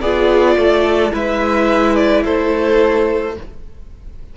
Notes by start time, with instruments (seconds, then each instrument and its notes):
0.00 cello B3, viola F4, violin G#4 D5
0.56 cello A3, violin A4
1.11 cello G#3, viola E4, violin B4 E5
1.95 violin D5
2.24 cello A3, violin A4 C5